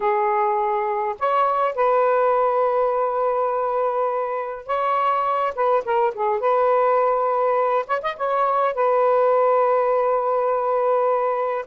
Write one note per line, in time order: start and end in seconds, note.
0.00 1.15 G#4
1.19 1.75 C#5
1.75 4.66 B4
4.66 5.53 C#5
5.55 5.84 B4
5.84 6.14 A#4
6.14 6.40 G#4
6.40 7.85 B4
7.86 8.01 C#5
8.02 8.16 D#5
8.16 8.74 C#5
8.74 11.65 B4